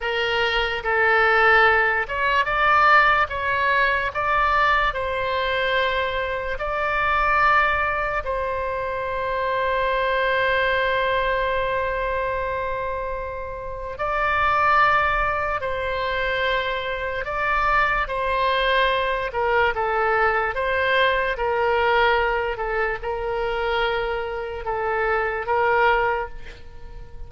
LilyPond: \new Staff \with { instrumentName = "oboe" } { \time 4/4 \tempo 4 = 73 ais'4 a'4. cis''8 d''4 | cis''4 d''4 c''2 | d''2 c''2~ | c''1~ |
c''4 d''2 c''4~ | c''4 d''4 c''4. ais'8 | a'4 c''4 ais'4. a'8 | ais'2 a'4 ais'4 | }